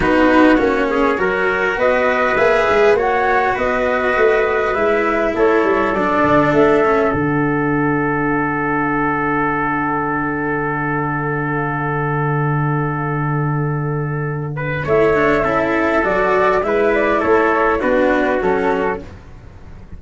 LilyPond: <<
  \new Staff \with { instrumentName = "flute" } { \time 4/4 \tempo 4 = 101 b'4 cis''2 dis''4 | e''4 fis''4 dis''2 | e''4 cis''4 d''4 e''4 | fis''1~ |
fis''1~ | fis''1~ | fis''4 e''2 d''4 | e''8 d''8 cis''4 b'4 a'4 | }
  \new Staff \with { instrumentName = "trumpet" } { \time 4/4 fis'4. gis'8 ais'4 b'4~ | b'4 cis''4 b'2~ | b'4 a'2.~ | a'1~ |
a'1~ | a'1~ | a'8 b'8 cis''4 a'2 | b'4 a'4 fis'2 | }
  \new Staff \with { instrumentName = "cello" } { \time 4/4 dis'4 cis'4 fis'2 | gis'4 fis'2. | e'2 d'4. cis'8 | d'1~ |
d'1~ | d'1~ | d'4 e'8 d'8 e'4 fis'4 | e'2 d'4 cis'4 | }
  \new Staff \with { instrumentName = "tuba" } { \time 4/4 b4 ais4 fis4 b4 | ais8 gis8 ais4 b4 a4 | gis4 a8 g8 fis8 d8 a4 | d1~ |
d1~ | d1~ | d4 a4 cis'4 fis4 | gis4 a4 b4 fis4 | }
>>